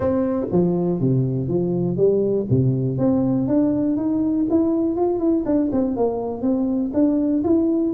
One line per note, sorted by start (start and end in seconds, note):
0.00 0.47 C4
0.51 1.00 F3
1.00 1.47 C3
1.47 1.96 F3
1.96 2.46 G3
2.50 2.98 C3
2.98 3.47 C4
3.47 3.96 D4
3.96 4.46 D#4
4.50 4.96 E4
4.96 5.19 F4
5.19 5.44 E4
5.45 5.70 D4
5.72 5.96 C4
5.96 6.41 A#3
6.41 6.91 C4
6.93 7.43 D4
7.44 7.93 E4